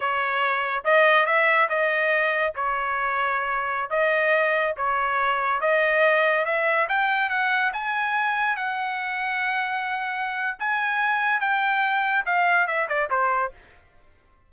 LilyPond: \new Staff \with { instrumentName = "trumpet" } { \time 4/4 \tempo 4 = 142 cis''2 dis''4 e''4 | dis''2 cis''2~ | cis''4~ cis''16 dis''2 cis''8.~ | cis''4~ cis''16 dis''2 e''8.~ |
e''16 g''4 fis''4 gis''4.~ gis''16~ | gis''16 fis''2.~ fis''8.~ | fis''4 gis''2 g''4~ | g''4 f''4 e''8 d''8 c''4 | }